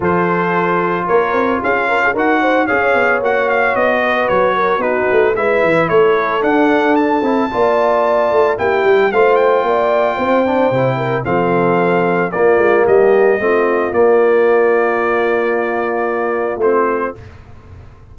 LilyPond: <<
  \new Staff \with { instrumentName = "trumpet" } { \time 4/4 \tempo 4 = 112 c''2 cis''4 f''4 | fis''4 f''4 fis''8 f''8 dis''4 | cis''4 b'4 e''4 cis''4 | fis''4 a''2. |
g''4 f''8 g''2~ g''8~ | g''4 f''2 d''4 | dis''2 d''2~ | d''2. c''4 | }
  \new Staff \with { instrumentName = "horn" } { \time 4/4 a'2 ais'4 gis'8 ais'16 gis'16 | ais'8 c''8 cis''2~ cis''8 b'8~ | b'8 ais'8 fis'4 b'4 a'4~ | a'2 d''2 |
g'4 c''4 d''4 c''4~ | c''8 ais'8 a'2 f'4 | g'4 f'2.~ | f'1 | }
  \new Staff \with { instrumentName = "trombone" } { \time 4/4 f'1 | fis'4 gis'4 fis'2~ | fis'4 dis'4 e'2 | d'4. e'8 f'2 |
e'4 f'2~ f'8 d'8 | e'4 c'2 ais4~ | ais4 c'4 ais2~ | ais2. c'4 | }
  \new Staff \with { instrumentName = "tuba" } { \time 4/4 f2 ais8 c'8 cis'4 | dis'4 cis'8 b8 ais4 b4 | fis4 b8 a8 gis8 e8 a4 | d'4. c'8 ais4. a8 |
ais8 g8 a4 ais4 c'4 | c4 f2 ais8 gis8 | g4 a4 ais2~ | ais2. a4 | }
>>